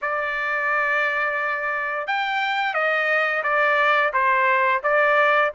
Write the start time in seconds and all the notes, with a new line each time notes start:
0.01 D5
2.07 G5
2.74 D#5
3.43 D5
4.13 C5
4.83 D5